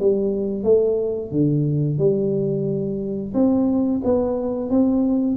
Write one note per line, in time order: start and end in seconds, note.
0.00 0.64 G3
0.64 1.31 A3
1.31 1.99 D3
1.99 3.33 G3
3.34 4.01 C4
4.04 4.70 B3
4.70 5.37 C4